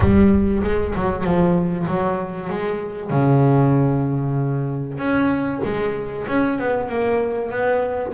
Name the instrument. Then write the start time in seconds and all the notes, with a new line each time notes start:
double bass
0.00 G3
0.63 G#3
0.95 F#3
1.24 F3
1.87 F#3
2.49 G#3
3.10 C#3
4.98 C#4
5.64 G#3
6.27 C#4
6.59 B3
6.88 A#3
7.50 B3